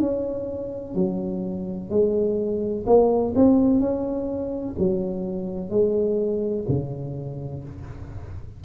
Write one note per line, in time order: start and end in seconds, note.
0.00 0.95 C#4
0.95 1.90 F#3
1.90 2.86 G#3
2.87 3.34 A#3
3.36 3.80 C4
3.80 4.75 C#4
4.79 5.70 F#3
5.70 6.65 G#3
6.69 7.64 C#3